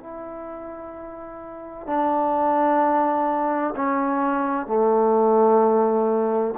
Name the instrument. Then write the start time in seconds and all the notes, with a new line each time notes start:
trombone
0.00 E4
1.87 D4
3.76 C#4
4.67 A3